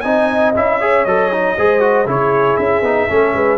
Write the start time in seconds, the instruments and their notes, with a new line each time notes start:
0.00 tuba C4, trombone D#4, horn D#5, trumpet G#5
0.55 tuba C#4, trombone E4, trumpet E5
0.80 trombone G#4, horn C#5
1.04 tuba F#3, trombone A4, trumpet D#5
1.31 trombone D#4
1.57 tuba G#3, trombone G#4, horn C5
1.79 trombone F#4
2.05 tuba C#3, trombone E4, horn G#4, trumpet C#5
2.56 tuba C#4, trumpet E5
2.81 tuba B3, trombone D#4
3.08 tuba A3, trombone C#4, horn A4
3.33 tuba G#3, horn B4